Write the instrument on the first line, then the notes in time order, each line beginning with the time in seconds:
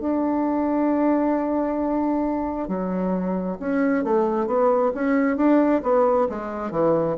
bassoon
0.00 D4
2.68 F#3
3.60 C#4
4.04 A3
4.47 B3
4.95 C#4
5.37 D4
5.83 B3
6.29 G#3
6.71 E3